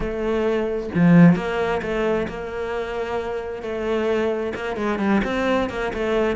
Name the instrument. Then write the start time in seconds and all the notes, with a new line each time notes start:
cello
0.00 A3
0.94 F3
1.35 A#3
1.82 A3
2.28 A#3
3.62 A3
4.55 A#3
4.76 G#3
4.99 G3
5.24 C4
5.69 A#3
5.93 A3